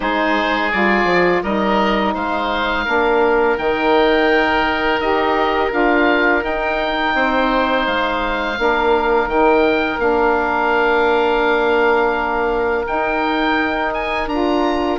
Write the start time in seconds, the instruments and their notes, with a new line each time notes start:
0.00 bassoon G#3, saxophone D#4, oboe G#4 C5
0.71 bassoon G3, saxophone F4, oboe D5
1.04 bassoon F3
1.42 bassoon G3, saxophone D#4, oboe A#4 D#5
2.14 bassoon G#3, oboe C5 F5
2.84 bassoon A#3, saxophone D4, oboe A#4
3.57 bassoon D#3, saxophone D#4, oboe G5
5.00 bassoon D#4, saxophone G4, oboe D#5
5.71 bassoon D4, saxophone F4, oboe F5
6.40 saxophone D#4, bassoon D#4, oboe G5
7.14 bassoon C4, oboe C5
7.86 bassoon G#3, oboe F5
8.57 bassoon A#3, saxophone D4, oboe A#4
9.26 bassoon D#3, saxophone D#4, oboe G5
9.99 bassoon A#3, saxophone D4, oboe F5
12.85 saxophone D#4, bassoon D#4, oboe G5
13.93 oboe G#5
14.26 bassoon D4, saxophone F4, oboe A#5